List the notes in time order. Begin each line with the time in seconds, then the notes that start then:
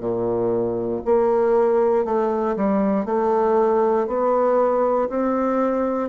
0.00 A#2
1.05 A#3
2.05 A3
2.56 G3
3.06 A3
4.07 B3
5.09 C4